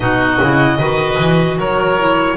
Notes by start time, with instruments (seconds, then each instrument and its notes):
0.00 double bass B2, clarinet D#4, oboe F#4, violin D#5
0.41 double bass C#3, clarinet E4
0.78 double bass D#3, clarinet F#4, oboe B4
1.19 double bass E3
1.58 double bass F#3, oboe A#4, violin C#5
1.98 clarinet E4